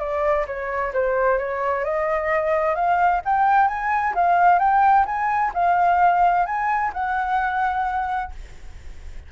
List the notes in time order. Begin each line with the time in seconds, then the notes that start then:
0.00 D5
0.47 C#5
0.94 C5
1.39 C#5
1.85 D#5
2.76 F5
3.25 G5
3.68 G#5
4.15 F5
4.59 G5
5.06 G#5
5.54 F5
6.46 G#5
6.94 F#5